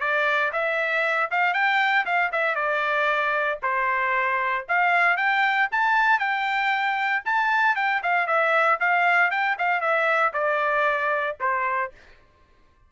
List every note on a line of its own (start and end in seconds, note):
0.00 0.52 D5
0.52 1.30 E5
1.31 1.54 F5
1.54 2.05 G5
2.05 2.31 F5
2.32 2.55 E5
2.55 3.59 D5
3.62 4.66 C5
4.69 5.17 F5
5.17 5.69 G5
5.72 6.19 A5
6.19 7.23 G5
7.25 7.76 A5
7.76 8.02 G5
8.03 8.27 F5
8.27 8.79 E5
8.80 9.31 F5
9.31 9.57 G5
9.58 9.81 F5
9.81 10.32 E5
10.33 11.37 D5
11.40 11.92 C5